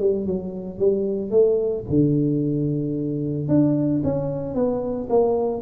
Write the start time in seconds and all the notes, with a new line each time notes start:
0.00 G3
0.26 F#3
0.79 G3
1.31 A3
1.89 D3
3.48 D4
4.04 C#4
4.55 B3
5.09 A#3